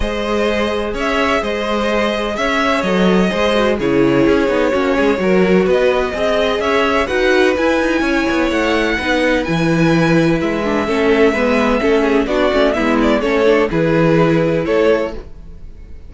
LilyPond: <<
  \new Staff \with { instrumentName = "violin" } { \time 4/4 \tempo 4 = 127 dis''2 e''4 dis''4~ | dis''4 e''4 dis''2 | cis''1 | dis''2 e''4 fis''4 |
gis''2 fis''2 | gis''2 e''2~ | e''2 d''4 e''8 d''8 | cis''4 b'2 cis''4 | }
  \new Staff \with { instrumentName = "violin" } { \time 4/4 c''2 cis''4 c''4~ | c''4 cis''2 c''4 | gis'2 fis'8 gis'8 ais'4 | b'4 dis''4 cis''4 b'4~ |
b'4 cis''2 b'4~ | b'2. a'4 | b'4 a'8 gis'8 fis'4 e'4 | a'4 gis'2 a'4 | }
  \new Staff \with { instrumentName = "viola" } { \time 4/4 gis'1~ | gis'2 a'4 gis'8 fis'8 | e'4. dis'8 cis'4 fis'4~ | fis'4 gis'2 fis'4 |
e'2. dis'4 | e'2~ e'8 d'8 cis'4 | b4 cis'4 d'8 cis'8 b4 | cis'8 d'8 e'2. | }
  \new Staff \with { instrumentName = "cello" } { \time 4/4 gis2 cis'4 gis4~ | gis4 cis'4 fis4 gis4 | cis4 cis'8 b8 ais8 gis8 fis4 | b4 c'4 cis'4 dis'4 |
e'8 dis'8 cis'8 b8 a4 b4 | e2 gis4 a4 | gis4 a4 b8 a8 gis4 | a4 e2 a4 | }
>>